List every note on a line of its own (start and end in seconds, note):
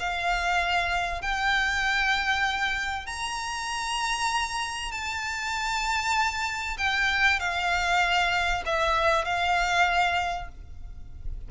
0.00 1.22 F5
1.22 3.06 G5
3.06 4.92 A#5
4.92 6.77 A5
6.78 7.40 G5
7.40 8.63 F5
8.66 9.25 E5
9.25 10.48 F5